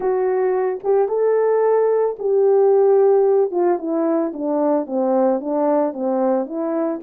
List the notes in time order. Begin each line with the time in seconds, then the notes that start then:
0.00 F#4
0.83 G4
1.08 A4
2.18 G4
3.51 F4
3.78 E4
4.33 D4
4.86 C4
5.40 D4
5.93 C4
6.46 E4